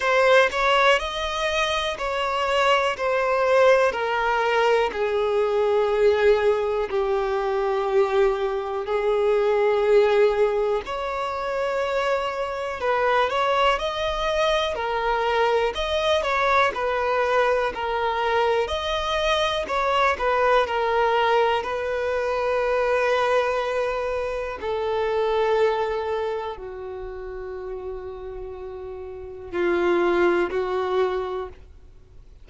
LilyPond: \new Staff \with { instrumentName = "violin" } { \time 4/4 \tempo 4 = 61 c''8 cis''8 dis''4 cis''4 c''4 | ais'4 gis'2 g'4~ | g'4 gis'2 cis''4~ | cis''4 b'8 cis''8 dis''4 ais'4 |
dis''8 cis''8 b'4 ais'4 dis''4 | cis''8 b'8 ais'4 b'2~ | b'4 a'2 fis'4~ | fis'2 f'4 fis'4 | }